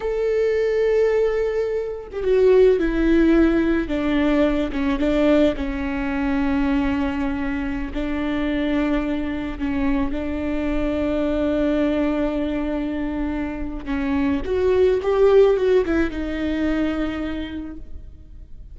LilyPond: \new Staff \with { instrumentName = "viola" } { \time 4/4 \tempo 4 = 108 a'2.~ a'8. g'16 | fis'4 e'2 d'4~ | d'8 cis'8 d'4 cis'2~ | cis'2~ cis'16 d'4.~ d'16~ |
d'4~ d'16 cis'4 d'4.~ d'16~ | d'1~ | d'4 cis'4 fis'4 g'4 | fis'8 e'8 dis'2. | }